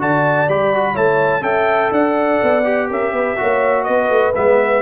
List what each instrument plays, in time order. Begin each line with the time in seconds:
0.00 tuba D3, trombone F#4, horn D5, trumpet A5
0.49 tuba G3, trombone G4, trumpet B5
0.74 trombone F#4
0.93 tuba A3, trombone E4, horn C#5, trumpet A5
1.42 tuba C#4, trombone A4, horn E5, trumpet G5
1.92 tuba D4, horn D5, trumpet F#5
2.43 tuba B3
2.65 trombone G4
2.90 tuba C#4, horn A#4, trumpet E5
3.13 tuba B3, horn B4
3.37 tuba A#3, trombone F#4, horn C#5
3.84 tuba B3, horn B4, trumpet D#5
4.10 tuba A3
4.36 tuba G#3, trombone B3, trumpet E5